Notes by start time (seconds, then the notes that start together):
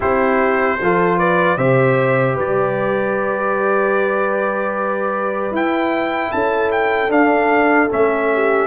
0.00 C4 E4 G4 C5
0.80 F3 F4 A4
1.18 B4 D5
1.57 C3 G4 C5 E5
2.35 G3 B4 D5
5.51 E4 G5
6.31 C#4 A4 A5
6.71 G5
7.09 D4 F5
7.90 A3 C#4 E5
8.33 G4